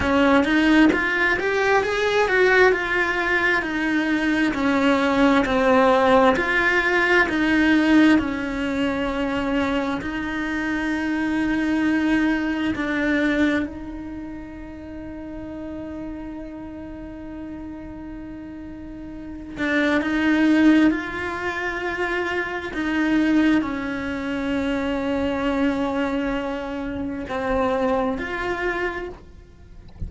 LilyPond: \new Staff \with { instrumentName = "cello" } { \time 4/4 \tempo 4 = 66 cis'8 dis'8 f'8 g'8 gis'8 fis'8 f'4 | dis'4 cis'4 c'4 f'4 | dis'4 cis'2 dis'4~ | dis'2 d'4 dis'4~ |
dis'1~ | dis'4. d'8 dis'4 f'4~ | f'4 dis'4 cis'2~ | cis'2 c'4 f'4 | }